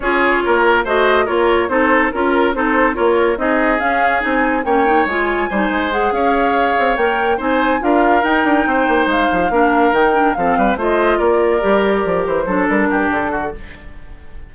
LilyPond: <<
  \new Staff \with { instrumentName = "flute" } { \time 4/4 \tempo 4 = 142 cis''2 dis''4 cis''4 | c''4 ais'4 c''4 cis''4 | dis''4 f''4 gis''4 g''4 | gis''2 fis''8 f''4.~ |
f''8 g''4 gis''4 f''4 g''8~ | g''4. f''2 g''8~ | g''8 f''4 dis''4 d''4.~ | d''4 c''4 ais'4 a'4 | }
  \new Staff \with { instrumentName = "oboe" } { \time 4/4 gis'4 ais'4 c''4 ais'4 | a'4 ais'4 a'4 ais'4 | gis'2. cis''4~ | cis''4 c''4. cis''4.~ |
cis''4. c''4 ais'4.~ | ais'8 c''2 ais'4.~ | ais'8 a'8 b'8 c''4 ais'4.~ | ais'4. a'4 g'4 fis'8 | }
  \new Staff \with { instrumentName = "clarinet" } { \time 4/4 f'2 fis'4 f'4 | dis'4 f'4 dis'4 f'4 | dis'4 cis'4 dis'4 cis'8 dis'8 | f'4 dis'4 gis'2~ |
gis'8 ais'4 dis'4 f'4 dis'8~ | dis'2~ dis'8 d'4 dis'8 | d'8 c'4 f'2 g'8~ | g'4. d'2~ d'8 | }
  \new Staff \with { instrumentName = "bassoon" } { \time 4/4 cis'4 ais4 a4 ais4 | c'4 cis'4 c'4 ais4 | c'4 cis'4 c'4 ais4 | gis4 g8 gis4 cis'4. |
c'8 ais4 c'4 d'4 dis'8 | d'8 c'8 ais8 gis8 f8 ais4 dis8~ | dis8 f8 g8 a4 ais4 g8~ | g8 f8 e8 fis8 g8 g,8 d4 | }
>>